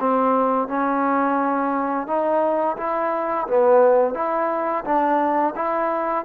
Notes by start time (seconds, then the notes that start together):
0.00 C4
0.68 C#4
2.07 D#4
2.77 E4
3.48 B3
4.14 E4
4.85 D4
5.55 E4